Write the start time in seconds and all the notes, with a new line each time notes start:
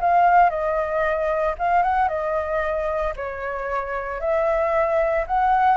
0.00 F5
0.50 D#5
1.58 F5
1.83 F#5
2.08 D#5
3.16 C#5
4.20 E5
5.27 F#5